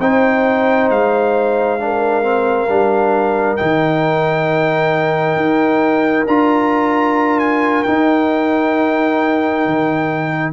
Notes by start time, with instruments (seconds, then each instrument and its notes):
0.00 tuba C4, trombone D#4, horn C5, trumpet G5
0.89 tuba G#3, trumpet F5
1.80 trombone D4, horn A#4
2.23 trombone C4
2.68 tuba G3, trombone D4
3.57 tuba D#3, trombone D#4, trumpet G5
5.36 tuba D#4
6.27 tuba D4, trombone F4, trumpet A#5
7.39 trumpet G#5
7.83 trombone D#4, tuba D#4, trumpet G5
9.66 tuba D#3